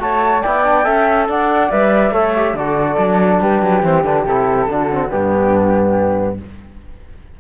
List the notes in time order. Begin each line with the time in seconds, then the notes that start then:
0.00 A3 F#4 C#5 A5
0.42 B3 E4 D5 G5
0.65 D4
0.84 C#4 A4 E5
1.29 D4 D5 F#5
1.72 G3 B4 E5
2.12 A3 A4 C#5
2.36 G4
2.54 D3 F#4 A4 D5
2.99 F#3 D4
3.41 G3 G4 B4
3.62 F#3
3.83 E3 C4 C5
4.04 D3 D4 B4
4.25 C3 E4 A4
4.68 D3 D4 F#4
4.92 C4
5.10 G2 B3 D4 G4